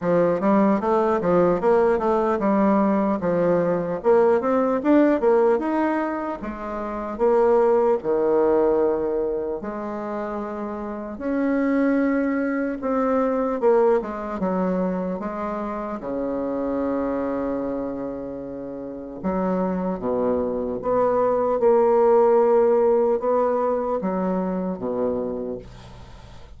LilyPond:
\new Staff \with { instrumentName = "bassoon" } { \time 4/4 \tempo 4 = 75 f8 g8 a8 f8 ais8 a8 g4 | f4 ais8 c'8 d'8 ais8 dis'4 | gis4 ais4 dis2 | gis2 cis'2 |
c'4 ais8 gis8 fis4 gis4 | cis1 | fis4 b,4 b4 ais4~ | ais4 b4 fis4 b,4 | }